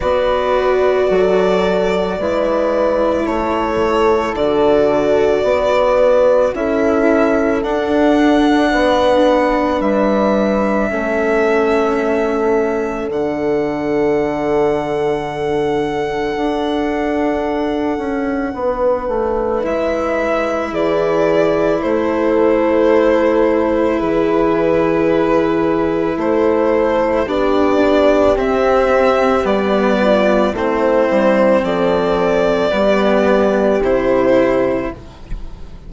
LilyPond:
<<
  \new Staff \with { instrumentName = "violin" } { \time 4/4 \tempo 4 = 55 d''2. cis''4 | d''2 e''4 fis''4~ | fis''4 e''2. | fis''1~ |
fis''2 e''4 d''4 | c''2 b'2 | c''4 d''4 e''4 d''4 | c''4 d''2 c''4 | }
  \new Staff \with { instrumentName = "horn" } { \time 4/4 b'4 a'4 b'4 a'4~ | a'4 b'4 a'2 | b'2 a'2~ | a'1~ |
a'4 b'2 gis'4 | a'2 gis'2 | a'4 g'2~ g'8 f'8 | e'4 a'4 g'2 | }
  \new Staff \with { instrumentName = "cello" } { \time 4/4 fis'2 e'2 | fis'2 e'4 d'4~ | d'2 cis'2 | d'1~ |
d'2 e'2~ | e'1~ | e'4 d'4 c'4 b4 | c'2 b4 e'4 | }
  \new Staff \with { instrumentName = "bassoon" } { \time 4/4 b4 fis4 gis4 a4 | d4 b4 cis'4 d'4 | b4 g4 a2 | d2. d'4~ |
d'8 cis'8 b8 a8 gis4 e4 | a2 e2 | a4 b4 c'4 g4 | a8 g8 f4 g4 c4 | }
>>